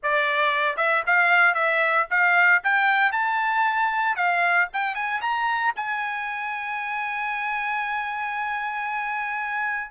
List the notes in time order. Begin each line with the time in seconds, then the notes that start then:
0.03 D5
0.77 E5
1.06 F5
1.54 E5
2.10 F5
2.63 G5
3.12 A5
4.15 F5
4.73 G5
4.94 G#5
5.21 A#5
5.76 G#5